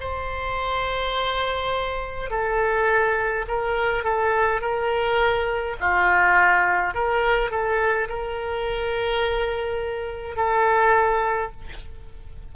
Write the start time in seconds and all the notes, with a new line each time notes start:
0.00 C5
2.30 A4
3.48 A#4
4.04 A4
4.61 A#4
5.80 F4
6.94 A#4
7.51 A4
8.09 A#4
10.36 A4